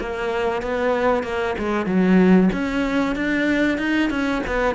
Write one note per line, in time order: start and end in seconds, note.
0.00 0.62 A#3
0.62 1.23 B3
1.23 1.55 A#3
1.58 1.86 G#3
1.86 2.50 F#3
2.53 3.15 C#4
3.15 3.78 D4
3.78 4.10 D#4
4.10 4.42 C#4
4.46 4.75 B3